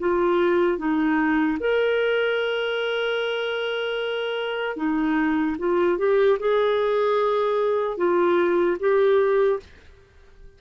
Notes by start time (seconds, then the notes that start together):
0.00 F4
0.79 D#4
1.60 A#4
4.77 D#4
5.59 F4
5.99 G4
6.40 G#4
7.98 F4
8.80 G4